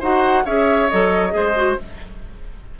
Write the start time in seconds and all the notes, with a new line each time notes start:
0.00 D#4 F#4 C5 F#5
0.45 C#4 G#4 C#5 E5
0.89 F#3 A4 D#5
1.30 G#3 G#4 C5
1.55 F#4